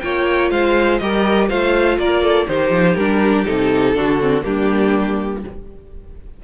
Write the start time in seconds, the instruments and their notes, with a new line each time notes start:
0.00 cello A#3, viola F4, violin C#5 G5
0.51 cello G#3, violin C5 F5
0.99 cello G3, viola G4, violin A#4 D#5
1.49 cello A3, viola F4, violin C5 F5
1.98 cello A#3, violin A#4 D5
2.23 violin A4
2.48 cello D#3, viola D#4, violin G4 C5
2.71 cello F3
2.96 cello G3, viola D4, violin A#4
3.45 cello C3, viola D#4, violin A4
3.95 cello D3, viola D4, violin F#4
4.21 viola C4
4.42 cello G3, viola A#3, violin D4 G4